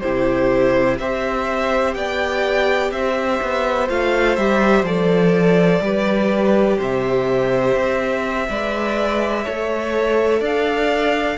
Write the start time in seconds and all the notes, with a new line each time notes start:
0.00 C3 E4 G4 C5
0.99 C4 G4 C5 E5
1.94 B3 D5 G5
2.91 C4 C5 E5
3.42 B3
3.89 A3 F4 F5
4.36 G3 G4 E5
4.83 F3 A4 D5
5.81 G3 G4 B4
6.77 C3 C5 E5
7.76 C4
8.49 G#3 B4 D5
9.44 A3 A4 C#5
10.40 D4 D5 F5